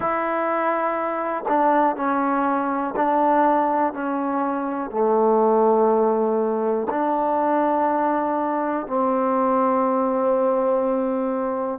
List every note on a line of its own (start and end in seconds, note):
0.00 1.44 E4
1.48 1.96 D4
1.96 2.94 C#4
2.96 3.93 D4
3.93 4.90 C#4
4.90 6.87 A3
6.89 8.86 D4
8.86 11.79 C4